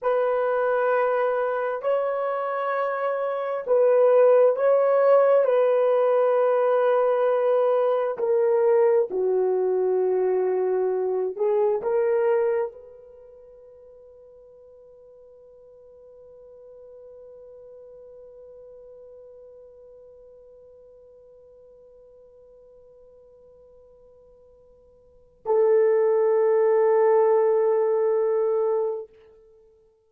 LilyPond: \new Staff \with { instrumentName = "horn" } { \time 4/4 \tempo 4 = 66 b'2 cis''2 | b'4 cis''4 b'2~ | b'4 ais'4 fis'2~ | fis'8 gis'8 ais'4 b'2~ |
b'1~ | b'1~ | b'1 | a'1 | }